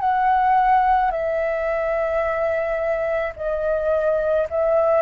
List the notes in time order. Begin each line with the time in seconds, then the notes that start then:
0.00 F#5
1.11 E5
3.37 D#5
4.51 E5